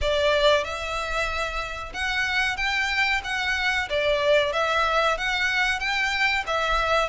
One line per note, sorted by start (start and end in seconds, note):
0.01 0.63 D5
0.63 1.92 E5
1.93 2.56 F#5
2.56 3.21 G5
3.24 3.88 F#5
3.89 4.52 D5
4.52 5.17 E5
5.17 5.79 F#5
5.79 6.43 G5
6.46 7.09 E5